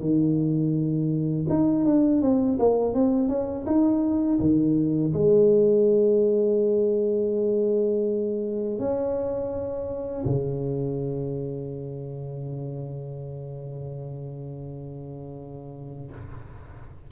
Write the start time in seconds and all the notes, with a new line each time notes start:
0.00 D#3
1.49 D#4
1.85 D4
2.22 C4
2.58 A#3
2.94 C4
3.28 C#4
3.66 D#4
4.39 D#3
5.13 G#3
8.78 C#4
10.25 C#3